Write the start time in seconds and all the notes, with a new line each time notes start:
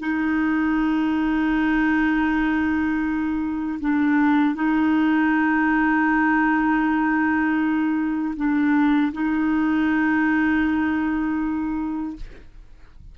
0.00 D#4
3.80 D4
4.55 D#4
8.36 D4
9.12 D#4